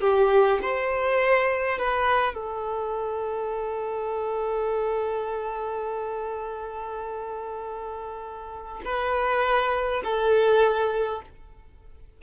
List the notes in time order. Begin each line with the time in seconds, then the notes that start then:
0.00 G4
0.62 C5
1.78 B4
2.34 A4
8.84 B4
10.03 A4